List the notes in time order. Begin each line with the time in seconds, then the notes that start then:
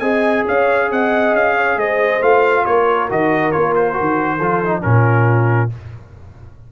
0.00 C4 G#4 D#5 G#5
0.46 C#4 C#5 F5
0.91 C4 D#5 F#5
1.33 C#4 F5
1.55 C#5
1.77 G#3 C5 D#5
2.22 A3 F4 F5
2.64 A#3 A#4 C#5
3.09 D#3 F#4 D#5
3.52 A#3 F4 C#5
3.76 C5
3.94 F#4
4.00 D#3
4.38 F3 F4 A4
4.65 D#4
4.82 A#2 C#4 F4 A#4